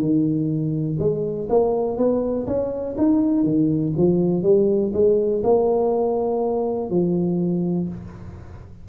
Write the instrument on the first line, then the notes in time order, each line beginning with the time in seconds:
tuba
0.00 D#3
1.00 G#3
1.49 A#3
1.98 B3
2.47 C#4
2.98 D#4
3.44 D#3
3.97 F3
4.43 G3
4.94 G#3
5.44 A#3
6.90 F3